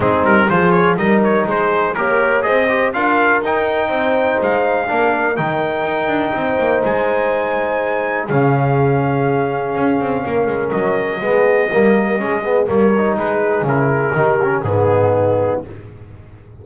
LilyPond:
<<
  \new Staff \with { instrumentName = "trumpet" } { \time 4/4 \tempo 4 = 123 gis'8 ais'8 c''8 cis''8 dis''8 cis''8 c''4 | ais'4 dis''4 f''4 g''4~ | g''4 f''2 g''4~ | g''2 gis''2~ |
gis''4 f''2.~ | f''2 dis''2~ | dis''2 cis''4 b'4 | ais'2 gis'2 | }
  \new Staff \with { instrumentName = "horn" } { \time 4/4 dis'4 gis'4 ais'4 gis'4 | cis''4 c''4 ais'2 | c''2 ais'2~ | ais'4 c''2.~ |
c''4 gis'2.~ | gis'4 ais'2 gis'4 | ais'4 gis'4 ais'4 gis'4~ | gis'4 g'4 dis'2 | }
  \new Staff \with { instrumentName = "trombone" } { \time 4/4 c'4 f'4 dis'2 | g'4 gis'8 g'8 f'4 dis'4~ | dis'2 d'4 dis'4~ | dis'1~ |
dis'4 cis'2.~ | cis'2. b4 | ais4 cis'8 b8 ais8 dis'4. | e'4 dis'8 cis'8 b2 | }
  \new Staff \with { instrumentName = "double bass" } { \time 4/4 gis8 g8 f4 g4 gis4 | ais4 c'4 d'4 dis'4 | c'4 gis4 ais4 dis4 | dis'8 d'8 c'8 ais8 gis2~ |
gis4 cis2. | cis'8 c'8 ais8 gis8 fis4 gis4 | g4 gis4 g4 gis4 | cis4 dis4 gis,2 | }
>>